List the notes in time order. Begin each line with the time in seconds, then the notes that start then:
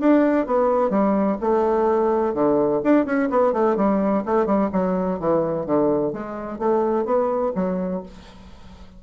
0.00 D4
0.46 B3
0.90 G3
1.41 A3
2.34 D3
2.83 D4
3.06 C#4
3.30 B3
3.52 A3
3.76 G3
4.26 A3
4.46 G3
4.72 F#3
5.19 E3
5.66 D3
6.12 G#3
6.59 A3
7.05 B3
7.55 F#3